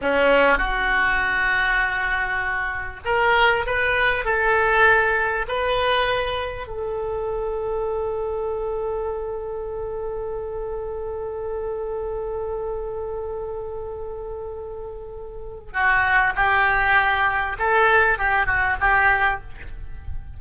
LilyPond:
\new Staff \with { instrumentName = "oboe" } { \time 4/4 \tempo 4 = 99 cis'4 fis'2.~ | fis'4 ais'4 b'4 a'4~ | a'4 b'2 a'4~ | a'1~ |
a'1~ | a'1~ | a'2 fis'4 g'4~ | g'4 a'4 g'8 fis'8 g'4 | }